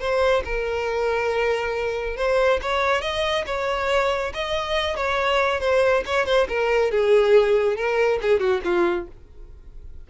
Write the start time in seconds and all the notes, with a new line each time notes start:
0.00 C5
0.45 A#4
2.17 C5
2.62 C#5
3.02 D#5
3.47 C#5
4.34 D#5
4.97 C#5
5.61 C5
6.06 C#5
6.26 C5
6.49 A#4
6.91 G#4
7.77 A#4
8.22 G#4
8.40 F#4
8.65 F4